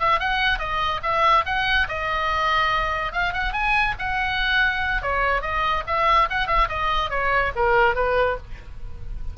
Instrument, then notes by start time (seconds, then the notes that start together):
oboe
0.00 E5
0.20 F#5
0.59 D#5
1.03 E5
1.46 F#5
1.89 D#5
3.13 F5
3.34 F#5
3.53 G#5
3.99 F#5
5.02 C#5
5.42 D#5
5.87 E5
6.30 F#5
6.47 E5
6.69 D#5
7.10 C#5
7.56 A#4
7.95 B4